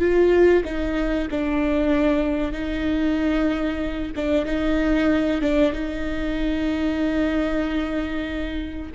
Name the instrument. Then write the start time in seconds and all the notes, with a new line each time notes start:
viola
0.00 F4
0.65 D#4
1.31 D4
2.52 D#4
4.16 D4
4.46 D#4
5.42 D4
5.73 D#4